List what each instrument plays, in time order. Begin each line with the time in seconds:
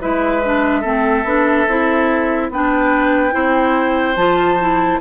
0.00 bassoon G#3, clarinet E4, oboe B4, flute E5
0.44 clarinet D4
0.81 bassoon A3, clarinet C4, oboe A4
1.24 bassoon B3, clarinet D4
1.67 bassoon C4, clarinet E4
2.50 bassoon B3, clarinet D4, oboe B4, flute G5
3.31 bassoon C4, clarinet E4, oboe C5
4.16 bassoon F3, clarinet F4, flute A5
4.59 clarinet E4